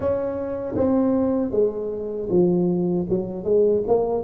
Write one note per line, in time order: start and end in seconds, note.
0.00 0.74 C#4
0.75 1.51 C4
1.51 2.28 G#3
2.29 3.06 F3
3.09 3.44 F#3
3.44 3.82 G#3
3.87 4.23 A#3